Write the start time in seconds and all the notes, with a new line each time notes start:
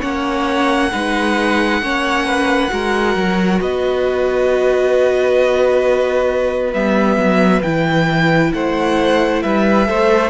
0.00 A#3 C#4 C#5 F#5
0.91 G#3 D#4 B4
1.82 A#3 C#4 C#5
2.26 B4
2.69 G#3 F#4 A#4
3.15 F#3
3.61 B3 B4 D#5
6.73 G3 B3 E5
7.17 F#3
7.62 E3 E4 G5
8.54 A3 C5 F#5
9.42 G3 B4 E5
9.85 A3 A4 C5